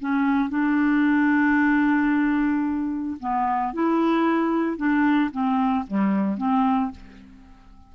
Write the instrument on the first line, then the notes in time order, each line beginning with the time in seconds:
clarinet
0.00 C#4
0.49 D4
3.19 B3
3.73 E4
4.77 D4
5.31 C4
5.87 G3
6.37 C4